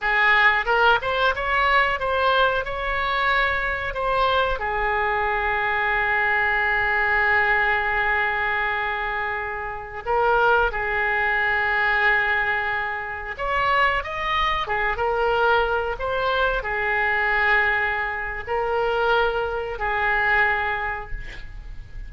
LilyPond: \new Staff \with { instrumentName = "oboe" } { \time 4/4 \tempo 4 = 91 gis'4 ais'8 c''8 cis''4 c''4 | cis''2 c''4 gis'4~ | gis'1~ | gis'2.~ gis'16 ais'8.~ |
ais'16 gis'2.~ gis'8.~ | gis'16 cis''4 dis''4 gis'8 ais'4~ ais'16~ | ais'16 c''4 gis'2~ gis'8. | ais'2 gis'2 | }